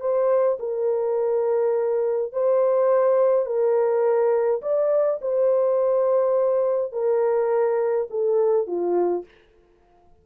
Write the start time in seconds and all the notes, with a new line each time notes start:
0.00 C5
0.60 A#4
2.32 C5
3.46 A#4
4.62 D5
5.21 C5
6.92 A#4
8.10 A4
8.67 F4